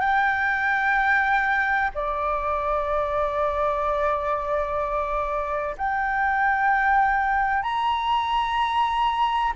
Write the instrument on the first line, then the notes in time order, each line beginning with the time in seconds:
flute
0.00 G5
1.94 D5
5.77 G5
7.62 A#5